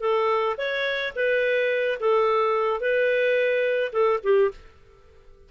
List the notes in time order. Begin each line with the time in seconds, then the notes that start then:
0.00 A4
0.57 C#5
1.15 B4
1.99 A4
2.80 B4
3.92 A4
4.23 G4